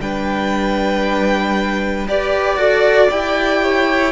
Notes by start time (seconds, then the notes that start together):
0.00 G3 D4 B4 G5
2.07 G4 B4 D5
2.56 F#4 A4
3.10 E4 G4 G5
3.62 C#5